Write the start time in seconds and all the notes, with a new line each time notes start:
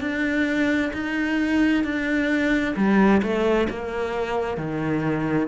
0.00 D4
0.93 D#4
1.83 D4
2.76 G3
3.22 A3
3.69 A#3
4.57 D#3